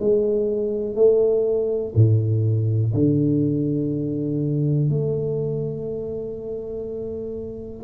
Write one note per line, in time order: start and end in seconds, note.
0.00 0.95 G#3
0.95 1.93 A3
1.95 2.93 A2
2.94 4.89 D3
4.89 7.83 A3